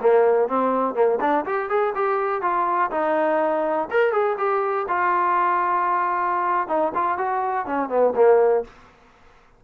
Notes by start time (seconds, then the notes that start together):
0.00 A#3
0.48 C4
0.95 A#3
1.20 D4
1.45 G4
1.69 G#4
1.95 G4
2.42 F4
2.91 D#4
3.91 A#4
4.12 G#4
4.37 G4
4.88 F4
6.68 D#4
6.94 F4
7.18 F#4
7.66 C#4
7.89 B3
8.16 A#3